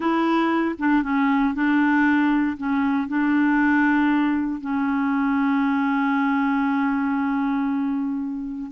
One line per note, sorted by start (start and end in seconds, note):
0.00 0.75 E4
0.78 1.03 D4
1.03 1.54 C#4
1.54 2.56 D4
2.57 3.07 C#4
3.07 4.60 D4
4.60 8.71 C#4